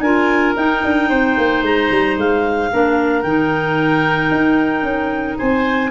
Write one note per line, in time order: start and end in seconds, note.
0.00 0.54 D4
0.00 0.56 F4
0.00 1.09 A#4
0.00 0.54 G#5
0.56 0.83 D#4
0.56 2.70 D#4
0.56 1.63 G5
0.83 1.09 D4
1.09 1.36 C4
1.09 2.69 C5
1.37 1.62 A#3
1.62 1.89 G#3
1.62 2.18 A#5
1.91 2.16 G3
2.16 2.70 G#3
2.16 3.22 F5
2.71 3.23 A#3
2.71 3.24 D4
2.71 5.38 A#4
3.22 4.30 D#3
3.22 5.90 D#4
3.22 5.36 G5
4.30 4.82 D#4
4.82 5.36 C#4
5.37 5.90 C4
5.37 5.90 C5
5.37 5.90 G#5